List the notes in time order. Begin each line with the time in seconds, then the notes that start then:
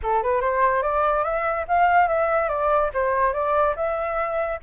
0.02 A4
0.23 B4
0.40 C5
0.82 D5
1.24 E5
1.68 F5
2.08 E5
2.48 D5
2.93 C5
3.33 D5
3.76 E5